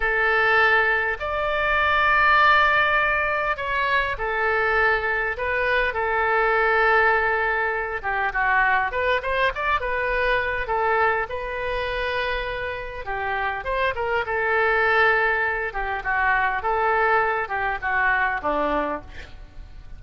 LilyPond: \new Staff \with { instrumentName = "oboe" } { \time 4/4 \tempo 4 = 101 a'2 d''2~ | d''2 cis''4 a'4~ | a'4 b'4 a'2~ | a'4. g'8 fis'4 b'8 c''8 |
d''8 b'4. a'4 b'4~ | b'2 g'4 c''8 ais'8 | a'2~ a'8 g'8 fis'4 | a'4. g'8 fis'4 d'4 | }